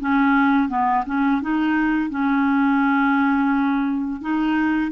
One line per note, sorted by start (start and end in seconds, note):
0.00 0.69 C#4
0.69 1.04 B3
1.06 1.41 C#4
1.41 2.10 D#4
2.10 4.21 C#4
4.21 4.92 D#4